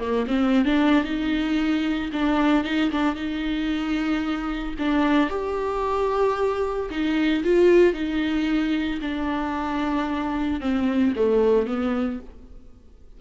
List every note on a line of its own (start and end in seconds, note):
0.00 0.27 A#3
0.27 0.65 C4
0.65 1.05 D4
1.05 2.11 D#4
2.13 2.64 D4
2.64 2.91 D#4
2.92 3.15 D4
3.15 4.75 D#4
4.79 5.30 D4
5.30 6.90 G4
6.91 7.44 D#4
7.44 7.94 F4
7.94 9.00 D#4
9.02 10.61 D4
10.61 11.14 C4
11.16 11.67 A3
11.67 12.20 B3